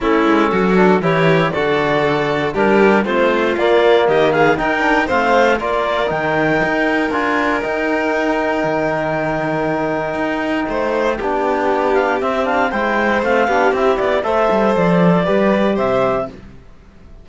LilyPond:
<<
  \new Staff \with { instrumentName = "clarinet" } { \time 4/4 \tempo 4 = 118 a'2 cis''4 d''4~ | d''4 ais'4 c''4 d''4 | dis''8 f''8 g''4 f''4 d''4 | g''2 gis''4 g''4~ |
g''1~ | g''2.~ g''8 f''8 | e''8 f''8 g''4 f''4 e''8 d''8 | e''4 d''2 e''4 | }
  \new Staff \with { instrumentName = "violin" } { \time 4/4 e'4 fis'4 g'4 a'4~ | a'4 g'4 f'2 | g'8 gis'8 ais'4 c''4 ais'4~ | ais'1~ |
ais'1~ | ais'4 c''4 g'2~ | g'4 c''4. g'4. | c''2 b'4 c''4 | }
  \new Staff \with { instrumentName = "trombone" } { \time 4/4 cis'4. d'8 e'4 fis'4~ | fis'4 d'4 c'4 ais4~ | ais4 dis'8 d'8 c'4 f'4 | dis'2 f'4 dis'4~ |
dis'1~ | dis'2 d'2 | c'8 d'8 e'4 c'8 d'8 e'4 | a'2 g'2 | }
  \new Staff \with { instrumentName = "cello" } { \time 4/4 a8 gis8 fis4 e4 d4~ | d4 g4 a4 ais4 | dis4 dis'4 a4 ais4 | dis4 dis'4 d'4 dis'4~ |
dis'4 dis2. | dis'4 a4 b2 | c'4 gis4 a8 b8 c'8 b8 | a8 g8 f4 g4 c4 | }
>>